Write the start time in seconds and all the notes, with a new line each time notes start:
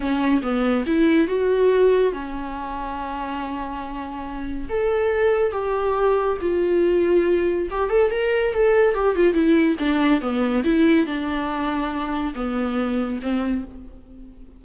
0.00 C#4
0.42 B3
0.86 E4
1.27 F#4
2.13 C#4
4.69 A4
5.52 G4
6.41 F4
7.70 G4
7.89 A4
8.10 A#4
8.53 A4
8.94 G4
9.15 F4
9.33 E4
9.79 D4
10.21 B3
10.63 E4
11.06 D4
12.34 B3
13.22 C4